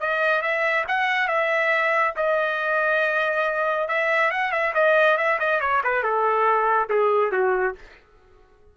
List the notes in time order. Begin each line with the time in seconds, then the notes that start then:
0.00 D#5
0.42 E5
0.88 F#5
1.28 E5
2.16 D#5
3.88 E5
4.31 F#5
4.52 E5
4.74 D#5
5.17 E5
5.40 D#5
5.61 C#5
5.84 B4
6.03 A4
6.89 G#4
7.32 F#4